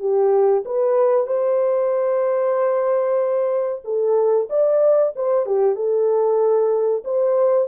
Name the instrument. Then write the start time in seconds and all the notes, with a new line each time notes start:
horn
0.00 G4
0.66 B4
1.27 C5
3.84 A4
4.50 D5
5.16 C5
5.46 G4
5.76 A4
7.05 C5